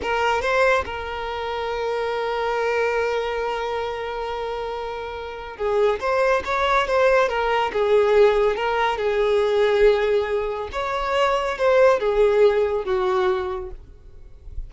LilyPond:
\new Staff \with { instrumentName = "violin" } { \time 4/4 \tempo 4 = 140 ais'4 c''4 ais'2~ | ais'1~ | ais'1~ | ais'4 gis'4 c''4 cis''4 |
c''4 ais'4 gis'2 | ais'4 gis'2.~ | gis'4 cis''2 c''4 | gis'2 fis'2 | }